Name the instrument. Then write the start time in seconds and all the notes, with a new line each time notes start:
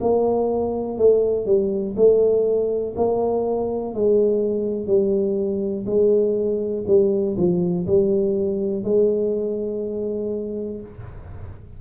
tuba
0.00 A#3
0.97 A3
1.46 G3
1.96 A3
2.96 A#3
3.94 G#3
4.86 G3
5.86 G#3
6.87 G3
7.36 F3
7.86 G3
8.83 G#3